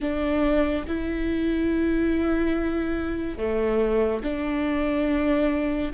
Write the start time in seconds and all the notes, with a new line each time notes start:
0.00 D4
0.87 E4
3.37 A3
4.23 D4